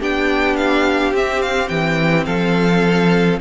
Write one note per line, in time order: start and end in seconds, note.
0.00 1.12 B3
0.00 1.14 D4
0.00 2.26 G4
0.00 0.56 G5
0.56 1.13 F5
1.12 1.69 C4
1.12 3.41 C4
1.12 1.42 E5
1.42 1.68 F5
1.68 2.26 E3
1.68 2.25 G5
2.25 3.40 F3
2.25 3.40 A4
2.25 3.39 F5